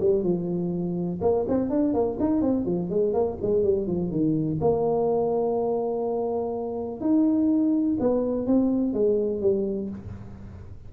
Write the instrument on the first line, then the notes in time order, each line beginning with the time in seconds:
tuba
0.00 G3
0.23 F3
1.21 A#3
1.48 C4
1.69 D4
1.93 A#3
2.20 D#4
2.41 C4
2.65 F3
2.90 G#3
3.13 A#3
3.42 G#3
3.63 G3
3.87 F3
4.11 D#3
4.61 A#3
7.00 D#4
7.99 B3
8.46 C4
8.93 G#3
9.41 G3